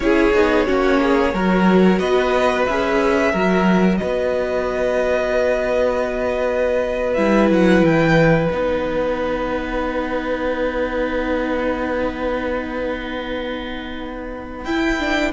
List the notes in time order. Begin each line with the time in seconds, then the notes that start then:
0.00 C#4 E4 G#4 C#5
0.33 B3 D#4
0.66 A#3 C#4 F#4
1.01 G#4
1.33 F#3 F#4 A#4
1.99 B3 B4 D#5
2.66 C#4 G#4 E5
3.31 F#3 F#4 A#4
3.97 B4 D#5
4.03 B3
7.14 G3 E4 E5
7.50 F#3 F#5
7.81 E3 G5
8.50 B3 D#4 F#5
14.64 E4 G5
14.99 D4